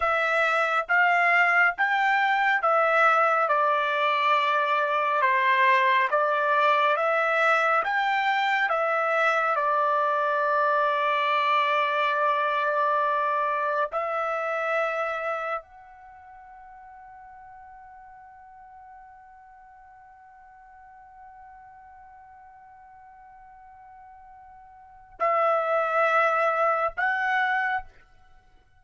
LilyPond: \new Staff \with { instrumentName = "trumpet" } { \time 4/4 \tempo 4 = 69 e''4 f''4 g''4 e''4 | d''2 c''4 d''4 | e''4 g''4 e''4 d''4~ | d''1 |
e''2 fis''2~ | fis''1~ | fis''1~ | fis''4 e''2 fis''4 | }